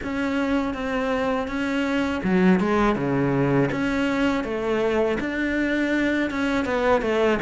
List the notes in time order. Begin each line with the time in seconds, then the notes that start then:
0.03 C#4
0.74 C4
1.47 C#4
2.23 F#3
2.59 G#3
2.95 C#3
3.71 C#4
4.43 A3
5.20 D4
6.30 C#4
6.65 B3
7.01 A3